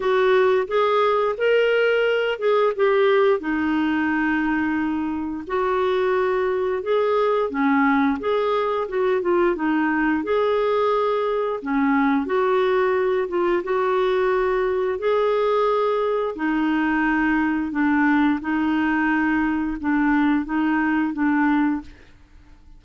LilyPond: \new Staff \with { instrumentName = "clarinet" } { \time 4/4 \tempo 4 = 88 fis'4 gis'4 ais'4. gis'8 | g'4 dis'2. | fis'2 gis'4 cis'4 | gis'4 fis'8 f'8 dis'4 gis'4~ |
gis'4 cis'4 fis'4. f'8 | fis'2 gis'2 | dis'2 d'4 dis'4~ | dis'4 d'4 dis'4 d'4 | }